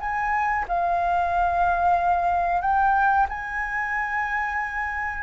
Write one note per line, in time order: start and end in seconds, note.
0.00 0.65 G#5
0.68 2.61 F5
2.61 3.26 G5
3.29 5.23 G#5